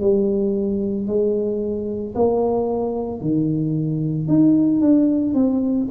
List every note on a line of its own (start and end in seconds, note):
0.00 1.07 G3
1.07 2.14 G#3
2.15 3.21 A#3
3.21 4.28 D#3
4.28 4.81 D#4
4.81 5.34 D4
5.34 5.87 C4